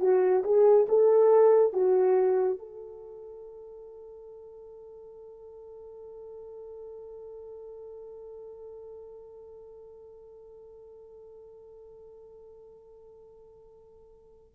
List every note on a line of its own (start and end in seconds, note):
0.00 0.43 F#4
0.44 0.87 G#4
0.89 1.73 A4
1.73 2.59 F#4
2.59 14.55 A4